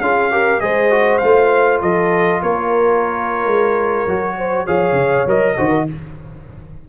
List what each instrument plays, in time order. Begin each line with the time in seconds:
0.00 tuba C#4, trombone F4, horn G#4, trumpet F5
0.31 trombone G4, horn A#4
0.60 tuba G#3, trombone G#4, horn C5, trumpet D#5
0.90 trombone F#4
1.18 tuba A3, trombone F4, trumpet F5
1.81 tuba F3, horn A4, trumpet D#5
2.42 tuba A#3, horn A#4, trumpet C#5
3.46 tuba G#3
4.07 tuba F#3, trombone F#4
4.38 horn C5
4.65 tuba F3, trombone G#4, horn C#5, trumpet F5
4.92 tuba C#3
5.26 tuba F#3, trombone A#4, trumpet D#5
5.57 tuba D#3, trombone F#4, horn C5
5.69 horn A#4